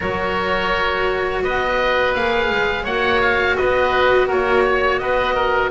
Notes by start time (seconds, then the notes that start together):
0.00 F#3 F#4 A#4 C#5
1.42 B3 B4 D#5
2.14 A#3 G#4 F5
2.50 G#3
2.83 A#3 F#4 C#5 F#5
3.21 F5
3.56 B3 B4 D#5
4.27 A#3 A#4 C#5
4.65 C#5
4.98 B3 B4 D#5
5.34 A#4